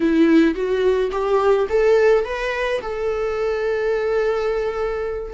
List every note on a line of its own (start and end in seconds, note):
0.00 0.54 E4
0.54 1.10 F#4
1.11 1.67 G4
1.69 2.25 A4
2.25 2.81 B4
2.81 5.33 A4